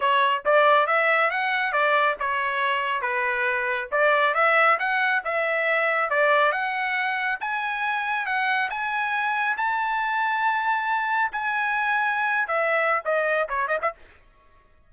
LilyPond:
\new Staff \with { instrumentName = "trumpet" } { \time 4/4 \tempo 4 = 138 cis''4 d''4 e''4 fis''4 | d''4 cis''2 b'4~ | b'4 d''4 e''4 fis''4 | e''2 d''4 fis''4~ |
fis''4 gis''2 fis''4 | gis''2 a''2~ | a''2 gis''2~ | gis''8. e''4~ e''16 dis''4 cis''8 dis''16 e''16 | }